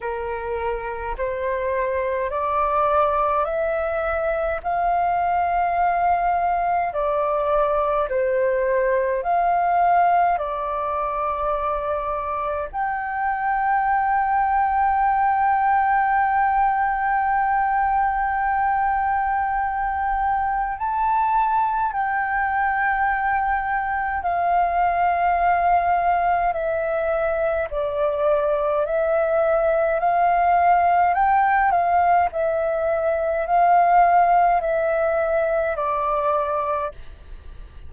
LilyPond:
\new Staff \with { instrumentName = "flute" } { \time 4/4 \tempo 4 = 52 ais'4 c''4 d''4 e''4 | f''2 d''4 c''4 | f''4 d''2 g''4~ | g''1~ |
g''2 a''4 g''4~ | g''4 f''2 e''4 | d''4 e''4 f''4 g''8 f''8 | e''4 f''4 e''4 d''4 | }